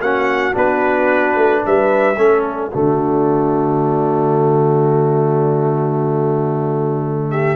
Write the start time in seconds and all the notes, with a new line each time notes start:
0.00 A#3 C#4 F#4 F#5
0.53 B3 D4 B4
1.36 A3
1.65 G3 B4 E5
2.17 A3 C#4 A4
2.44 D5
2.70 D3 A3 F#4
7.30 G4 E5